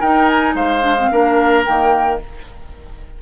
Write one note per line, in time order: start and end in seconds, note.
0.00 0.54 D#4
0.00 0.81 D#4
0.00 0.55 A#4
0.00 0.28 G5
0.28 0.55 G#5
0.54 1.09 G#3
0.54 1.10 C5
0.54 1.64 F5
0.81 0.95 D4
0.98 1.11 C4
1.11 1.66 A#3
1.11 1.65 D4
1.11 2.20 A#4
1.65 2.22 D#3
1.65 2.20 A#3
1.65 2.19 G5